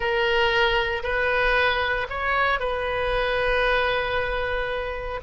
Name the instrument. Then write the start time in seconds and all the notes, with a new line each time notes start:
oboe
0.00 A#4
1.03 B4
2.09 C#5
2.59 B4